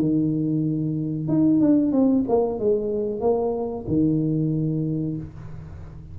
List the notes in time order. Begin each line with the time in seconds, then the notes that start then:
0.00 D#3
1.28 D#4
1.61 D4
1.93 C4
2.29 A#3
2.60 G#3
3.21 A#3
3.88 D#3